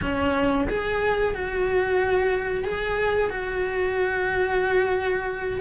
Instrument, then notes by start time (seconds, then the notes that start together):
cello
0.01 C#4
0.69 G#4
1.34 F#4
2.64 G#4
3.30 F#4